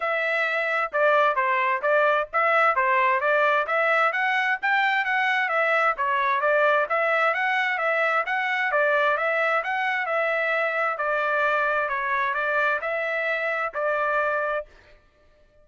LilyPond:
\new Staff \with { instrumentName = "trumpet" } { \time 4/4 \tempo 4 = 131 e''2 d''4 c''4 | d''4 e''4 c''4 d''4 | e''4 fis''4 g''4 fis''4 | e''4 cis''4 d''4 e''4 |
fis''4 e''4 fis''4 d''4 | e''4 fis''4 e''2 | d''2 cis''4 d''4 | e''2 d''2 | }